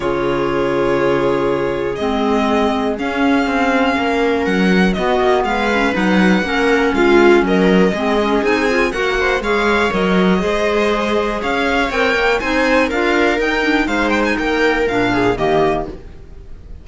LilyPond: <<
  \new Staff \with { instrumentName = "violin" } { \time 4/4 \tempo 4 = 121 cis''1 | dis''2 f''2~ | f''4 fis''4 dis''4 f''4 | fis''2 f''4 dis''4~ |
dis''4 gis''4 fis''4 f''4 | dis''2. f''4 | g''4 gis''4 f''4 g''4 | f''8 g''16 gis''16 g''4 f''4 dis''4 | }
  \new Staff \with { instrumentName = "viola" } { \time 4/4 gis'1~ | gis'1 | ais'2 fis'4 b'4~ | b'4 ais'4 f'4 ais'4 |
gis'2 ais'8 c''8 cis''4~ | cis''4 c''2 cis''4~ | cis''4 c''4 ais'2 | c''4 ais'4. gis'8 g'4 | }
  \new Staff \with { instrumentName = "clarinet" } { \time 4/4 f'1 | c'2 cis'2~ | cis'2 b4. cis'8 | dis'4 cis'2. |
c'8 cis'8 dis'8 f'8 fis'4 gis'4 | ais'4 gis'2. | ais'4 dis'4 f'4 dis'8 d'8 | dis'2 d'4 ais4 | }
  \new Staff \with { instrumentName = "cello" } { \time 4/4 cis1 | gis2 cis'4 c'4 | ais4 fis4 b8 ais8 gis4 | fis4 ais4 gis4 fis4 |
gis4 c'4 ais4 gis4 | fis4 gis2 cis'4 | c'8 ais8 c'4 d'4 dis'4 | gis4 ais4 ais,4 dis4 | }
>>